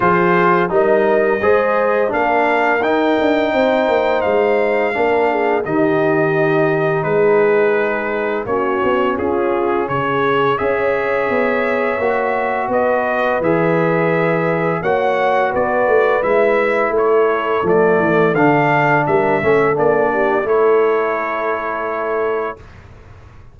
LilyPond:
<<
  \new Staff \with { instrumentName = "trumpet" } { \time 4/4 \tempo 4 = 85 c''4 dis''2 f''4 | g''2 f''2 | dis''2 b'2 | cis''4 gis'4 cis''4 e''4~ |
e''2 dis''4 e''4~ | e''4 fis''4 d''4 e''4 | cis''4 d''4 f''4 e''4 | d''4 cis''2. | }
  \new Staff \with { instrumentName = "horn" } { \time 4/4 gis'4 ais'4 c''4 ais'4~ | ais'4 c''2 ais'8 gis'8 | g'2 gis'2 | fis'4 f'4 gis'4 cis''4~ |
cis''2 b'2~ | b'4 cis''4 b'2 | a'2. ais'8 a'8~ | a'8 g'8 a'2. | }
  \new Staff \with { instrumentName = "trombone" } { \time 4/4 f'4 dis'4 gis'4 d'4 | dis'2. d'4 | dis'1 | cis'2. gis'4~ |
gis'4 fis'2 gis'4~ | gis'4 fis'2 e'4~ | e'4 a4 d'4. cis'8 | d'4 e'2. | }
  \new Staff \with { instrumentName = "tuba" } { \time 4/4 f4 g4 gis4 ais4 | dis'8 d'8 c'8 ais8 gis4 ais4 | dis2 gis2 | ais8 b8 cis'4 cis4 cis'4 |
b4 ais4 b4 e4~ | e4 ais4 b8 a8 gis4 | a4 f8 e8 d4 g8 a8 | ais4 a2. | }
>>